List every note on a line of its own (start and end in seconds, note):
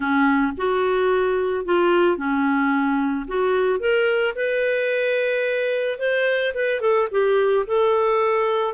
0.00 0.52 C#4
0.57 1.65 F#4
1.65 2.17 F4
2.17 3.26 C#4
3.27 3.79 F#4
3.79 4.34 A#4
4.35 5.98 B4
5.99 6.53 C5
6.54 6.81 B4
6.81 7.08 A4
7.11 7.65 G4
7.66 8.73 A4